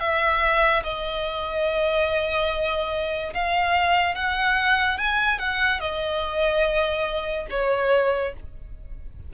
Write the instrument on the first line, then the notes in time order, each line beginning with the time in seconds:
violin
0.00 E5
0.84 D#5
3.34 F5
4.16 F#5
4.98 G#5
5.39 F#5
5.81 D#5
7.51 C#5